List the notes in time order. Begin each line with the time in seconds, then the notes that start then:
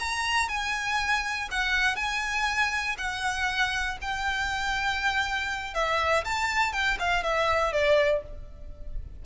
0.00 A#5
0.49 G#5
1.51 F#5
1.96 G#5
2.98 F#5
4.02 G5
5.75 E5
6.25 A5
6.73 G5
7.00 F5
7.24 E5
7.73 D5